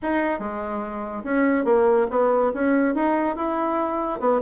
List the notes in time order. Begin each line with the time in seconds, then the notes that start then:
0.02 D#4
0.39 G#3
1.24 C#4
1.65 A#3
2.10 B3
2.54 C#4
2.94 D#4
3.35 E4
4.20 B3